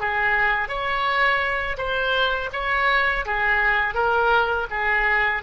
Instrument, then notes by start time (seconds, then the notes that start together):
oboe
0.00 G#4
0.68 C#5
1.77 C5
2.53 C#5
3.25 G#4
3.94 A#4
4.70 G#4